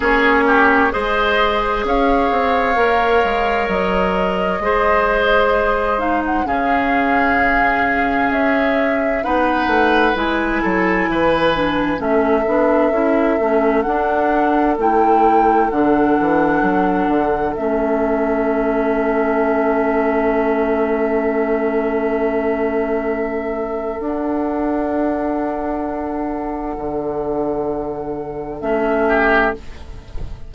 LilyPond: <<
  \new Staff \with { instrumentName = "flute" } { \time 4/4 \tempo 4 = 65 cis''4 dis''4 f''2 | dis''2~ dis''8 f''16 fis''16 f''4~ | f''4 e''4 fis''4 gis''4~ | gis''4 e''2 fis''4 |
g''4 fis''2 e''4~ | e''1~ | e''2 fis''2~ | fis''2. e''4 | }
  \new Staff \with { instrumentName = "oboe" } { \time 4/4 gis'8 g'8 c''4 cis''2~ | cis''4 c''2 gis'4~ | gis'2 b'4. a'8 | b'4 a'2.~ |
a'1~ | a'1~ | a'1~ | a'2.~ a'8 g'8 | }
  \new Staff \with { instrumentName = "clarinet" } { \time 4/4 cis'4 gis'2 ais'4~ | ais'4 gis'4. dis'8 cis'4~ | cis'2 dis'4 e'4~ | e'8 d'8 cis'8 d'8 e'8 cis'8 d'4 |
e'4 d'2 cis'4~ | cis'1~ | cis'2 d'2~ | d'2. cis'4 | }
  \new Staff \with { instrumentName = "bassoon" } { \time 4/4 ais4 gis4 cis'8 c'8 ais8 gis8 | fis4 gis2 cis4~ | cis4 cis'4 b8 a8 gis8 fis8 | e4 a8 b8 cis'8 a8 d'4 |
a4 d8 e8 fis8 d8 a4~ | a1~ | a2 d'2~ | d'4 d2 a4 | }
>>